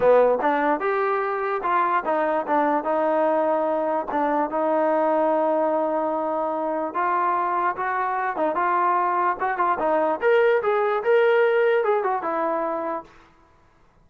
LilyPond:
\new Staff \with { instrumentName = "trombone" } { \time 4/4 \tempo 4 = 147 b4 d'4 g'2 | f'4 dis'4 d'4 dis'4~ | dis'2 d'4 dis'4~ | dis'1~ |
dis'4 f'2 fis'4~ | fis'8 dis'8 f'2 fis'8 f'8 | dis'4 ais'4 gis'4 ais'4~ | ais'4 gis'8 fis'8 e'2 | }